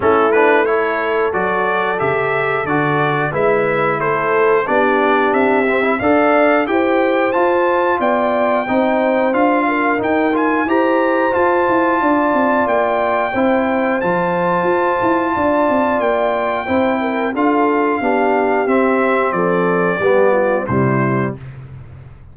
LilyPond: <<
  \new Staff \with { instrumentName = "trumpet" } { \time 4/4 \tempo 4 = 90 a'8 b'8 cis''4 d''4 e''4 | d''4 e''4 c''4 d''4 | e''4 f''4 g''4 a''4 | g''2 f''4 g''8 gis''8 |
ais''4 a''2 g''4~ | g''4 a''2. | g''2 f''2 | e''4 d''2 c''4 | }
  \new Staff \with { instrumentName = "horn" } { \time 4/4 e'4 a'2.~ | a'4 b'4 a'4 g'4~ | g'4 d''4 c''2 | d''4 c''4. ais'4. |
c''2 d''2 | c''2. d''4~ | d''4 c''8 ais'8 a'4 g'4~ | g'4 a'4 g'8 f'8 e'4 | }
  \new Staff \with { instrumentName = "trombone" } { \time 4/4 cis'8 d'8 e'4 fis'4 g'4 | fis'4 e'2 d'4~ | d'8 c'16 e'16 a'4 g'4 f'4~ | f'4 dis'4 f'4 dis'8 f'8 |
g'4 f'2. | e'4 f'2.~ | f'4 e'4 f'4 d'4 | c'2 b4 g4 | }
  \new Staff \with { instrumentName = "tuba" } { \time 4/4 a2 fis4 cis4 | d4 gis4 a4 b4 | c'4 d'4 e'4 f'4 | b4 c'4 d'4 dis'4 |
e'4 f'8 e'8 d'8 c'8 ais4 | c'4 f4 f'8 e'8 d'8 c'8 | ais4 c'4 d'4 b4 | c'4 f4 g4 c4 | }
>>